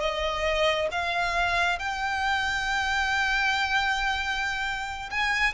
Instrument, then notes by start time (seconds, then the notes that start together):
violin
0.00 D#5
0.91 F5
1.79 G5
5.11 G#5